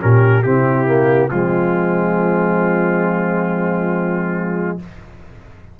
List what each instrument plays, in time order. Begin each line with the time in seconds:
0.00 tuba A#2, trombone C#4, horn G4, trumpet A#4
0.43 tuba C3, trombone C4, horn E4, trumpet G4
0.86 trombone A#3
1.30 tuba F3, trombone G#3, horn C4, trumpet F4